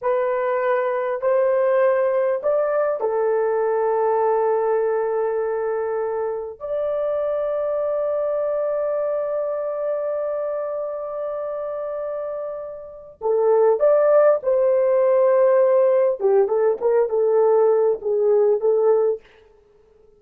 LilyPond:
\new Staff \with { instrumentName = "horn" } { \time 4/4 \tempo 4 = 100 b'2 c''2 | d''4 a'2.~ | a'2. d''4~ | d''1~ |
d''1~ | d''2 a'4 d''4 | c''2. g'8 a'8 | ais'8 a'4. gis'4 a'4 | }